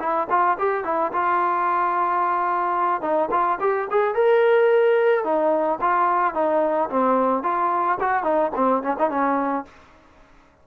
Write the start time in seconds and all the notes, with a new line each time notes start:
0.00 E4
0.30 F4
0.59 G4
0.84 E4
1.13 F4
3.02 D#4
3.31 F4
3.61 G4
3.91 G#4
4.15 A#4
5.24 D#4
5.81 F4
6.35 D#4
6.90 C4
7.43 F4
8.00 F#4
8.24 D#4
8.55 C4
8.83 C#4
8.99 D#4
9.10 C#4